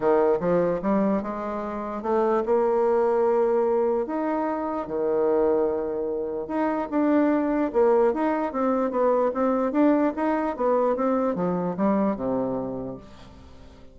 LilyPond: \new Staff \with { instrumentName = "bassoon" } { \time 4/4 \tempo 4 = 148 dis4 f4 g4 gis4~ | gis4 a4 ais2~ | ais2 dis'2 | dis1 |
dis'4 d'2 ais4 | dis'4 c'4 b4 c'4 | d'4 dis'4 b4 c'4 | f4 g4 c2 | }